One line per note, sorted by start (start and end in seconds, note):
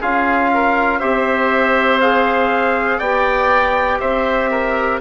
0.00 1.01 C#4
0.00 1.00 F4
0.00 0.50 G#4
0.00 0.99 F5
0.54 0.99 A#4
0.99 3.00 C4
0.99 2.00 G4
0.99 2.98 C5
0.99 1.99 E5
2.00 3.02 G#4
2.00 2.99 F5
2.98 4.00 B3
2.98 5.00 G4
2.98 3.98 D5
2.98 3.99 G5
4.00 5.00 C4
4.00 4.50 C5
4.00 5.00 E5
4.51 5.00 A#4